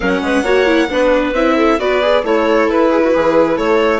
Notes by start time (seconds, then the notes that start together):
0.00 F#3 C#4 A#4 F#5
0.21 G#3 B4
0.43 A#3 F#4 C#5
0.65 E4
0.89 B3 D4 B4
1.33 C4 E4 E5
1.56 A4
1.79 B3 F#4 B4 D5
2.01 G#4
2.23 A3 E4 A4 C#5
2.67 E4 B4
2.90 G#4
3.04 F#4
3.14 E3 G#4
3.55 A3 A4 C#5